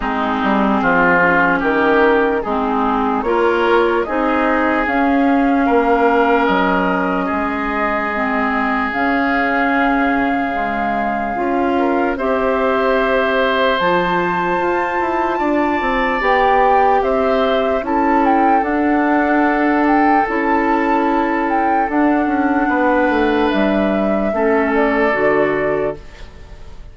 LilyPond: <<
  \new Staff \with { instrumentName = "flute" } { \time 4/4 \tempo 4 = 74 gis'2 ais'4 gis'4 | cis''4 dis''4 f''2 | dis''2. f''4~ | f''2. e''4~ |
e''4 a''2. | g''4 e''4 a''8 g''8 fis''4~ | fis''8 g''8 a''4. g''8 fis''4~ | fis''4 e''4. d''4. | }
  \new Staff \with { instrumentName = "oboe" } { \time 4/4 dis'4 f'4 g'4 dis'4 | ais'4 gis'2 ais'4~ | ais'4 gis'2.~ | gis'2~ gis'8 ais'8 c''4~ |
c''2. d''4~ | d''4 c''4 a'2~ | a'1 | b'2 a'2 | }
  \new Staff \with { instrumentName = "clarinet" } { \time 4/4 c'4. cis'4. c'4 | f'4 dis'4 cis'2~ | cis'2 c'4 cis'4~ | cis'4 gis4 f'4 g'4~ |
g'4 f'2. | g'2 e'4 d'4~ | d'4 e'2 d'4~ | d'2 cis'4 fis'4 | }
  \new Staff \with { instrumentName = "bassoon" } { \time 4/4 gis8 g8 f4 dis4 gis4 | ais4 c'4 cis'4 ais4 | fis4 gis2 cis4~ | cis2 cis'4 c'4~ |
c'4 f4 f'8 e'8 d'8 c'8 | b4 c'4 cis'4 d'4~ | d'4 cis'2 d'8 cis'8 | b8 a8 g4 a4 d4 | }
>>